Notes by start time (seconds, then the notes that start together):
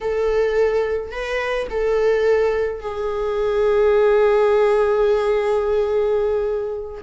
0.00 A4
1.11 B4
1.70 A4
2.80 G#4